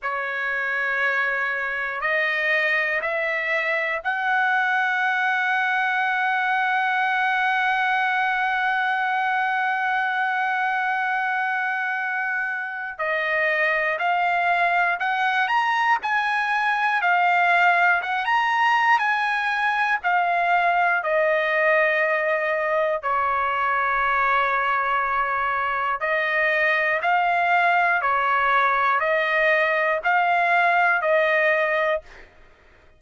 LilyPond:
\new Staff \with { instrumentName = "trumpet" } { \time 4/4 \tempo 4 = 60 cis''2 dis''4 e''4 | fis''1~ | fis''1~ | fis''4 dis''4 f''4 fis''8 ais''8 |
gis''4 f''4 fis''16 ais''8. gis''4 | f''4 dis''2 cis''4~ | cis''2 dis''4 f''4 | cis''4 dis''4 f''4 dis''4 | }